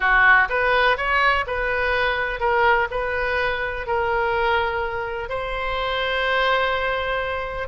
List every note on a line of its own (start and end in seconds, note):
0.00 0.48 F#4
0.49 0.97 B4
0.97 1.45 C#5
1.46 2.40 B4
2.40 2.88 A#4
2.90 3.86 B4
3.86 5.29 A#4
5.29 7.68 C5